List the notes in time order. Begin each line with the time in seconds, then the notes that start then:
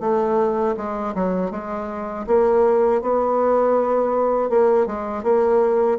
0.00 A3
0.77 G#3
1.15 F#3
1.51 G#3
2.27 A#3
3.02 B3
4.50 A#3
4.86 G#3
5.23 A#3